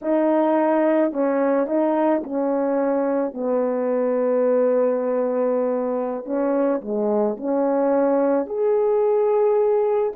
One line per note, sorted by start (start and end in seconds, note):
0.01 1.12 D#4
1.12 1.66 C#4
1.66 2.22 D#4
2.23 3.33 C#4
3.33 6.25 B3
6.25 6.81 C#4
6.81 7.36 G#3
7.36 8.46 C#4
8.46 10.13 G#4